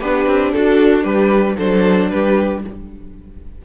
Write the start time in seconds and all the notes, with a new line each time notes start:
0.00 B3 D4 G4 B4
0.27 C4
0.53 D4 F#4 A4
1.04 G3 G4 B4
1.57 F#3 D4 A4 C5
2.10 G3 G4 B4